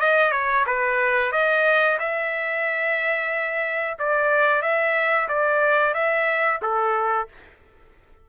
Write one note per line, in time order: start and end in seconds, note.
0.00 0.32 D#5
0.32 0.65 C#5
0.67 1.32 B4
1.32 1.98 D#5
2.00 3.98 E5
3.99 4.63 D5
4.63 5.29 E5
5.29 5.94 D5
5.94 6.60 E5
6.62 7.28 A4